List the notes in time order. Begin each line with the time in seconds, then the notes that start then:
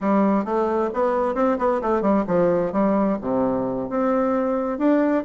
0.00 G3
0.44 A3
0.93 B3
1.34 C4
1.58 B3
1.81 A3
2.01 G3
2.27 F3
2.72 G3
3.21 C3
3.89 C4
4.78 D4